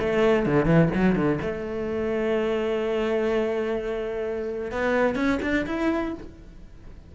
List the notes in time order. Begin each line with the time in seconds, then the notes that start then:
0.00 A3
0.46 D3
0.65 E3
0.94 F#3
1.16 D3
1.42 A3
4.72 B3
5.15 C#4
5.42 D4
5.66 E4